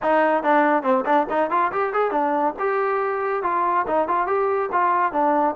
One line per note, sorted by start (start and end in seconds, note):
0.02 0.43 D#4
0.43 0.82 D4
0.82 1.04 C4
1.05 1.26 D4
1.29 1.50 D#4
1.50 1.71 F4
1.71 1.93 G4
1.93 2.11 G#4
2.11 2.54 D4
2.59 3.43 G4
3.43 3.86 F4
3.87 4.07 D#4
4.07 4.26 F4
4.26 4.69 G4
4.72 5.12 F4
5.12 5.55 D4